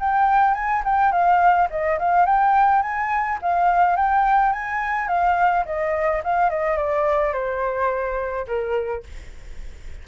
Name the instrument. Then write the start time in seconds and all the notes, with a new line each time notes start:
flute
0.00 G5
0.55 G#5
0.85 G5
1.12 F5
1.71 D#5
1.99 F5
2.26 G5
2.82 G#5
3.42 F5
3.96 G5
4.53 G#5
5.08 F5
5.66 D#5
6.24 F5
6.50 D#5
6.77 D5
7.33 C5
8.47 A#4